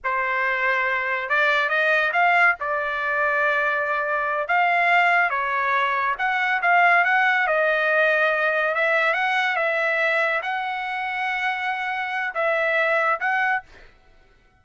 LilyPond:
\new Staff \with { instrumentName = "trumpet" } { \time 4/4 \tempo 4 = 141 c''2. d''4 | dis''4 f''4 d''2~ | d''2~ d''8 f''4.~ | f''8 cis''2 fis''4 f''8~ |
f''8 fis''4 dis''2~ dis''8~ | dis''8 e''4 fis''4 e''4.~ | e''8 fis''2.~ fis''8~ | fis''4 e''2 fis''4 | }